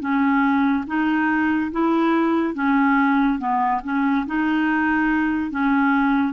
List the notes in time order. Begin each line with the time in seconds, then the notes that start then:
0.00 C#4
0.87 D#4
1.72 E4
2.54 C#4
3.39 B3
3.84 C#4
4.27 D#4
5.51 C#4